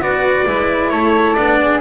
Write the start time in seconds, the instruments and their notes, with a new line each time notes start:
0.00 double bass B3, cello F#4, flute B4, trumpet D5
0.46 double bass G#3, cello E4
0.90 double bass A3, flute A4, trumpet C#5
1.34 double bass B3, cello D4, trumpet D5
1.62 flute G#4